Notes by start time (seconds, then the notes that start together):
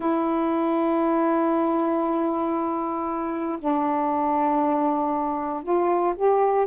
0.00 E4
3.59 D4
5.63 F4
6.16 G4